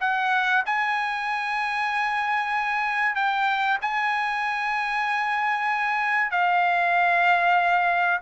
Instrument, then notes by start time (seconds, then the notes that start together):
trumpet
0.00 F#5
0.65 G#5
3.15 G5
3.81 G#5
6.31 F5